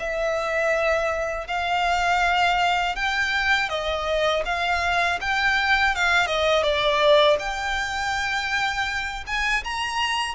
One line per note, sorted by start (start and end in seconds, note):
0.00 1.48 E5
1.48 2.96 F5
2.96 3.70 G5
3.70 4.44 D#5
4.45 5.20 F5
5.22 5.96 G5
5.96 6.27 F5
6.27 6.63 D#5
6.63 7.37 D5
7.40 9.25 G5
9.27 9.64 G#5
9.65 10.35 A#5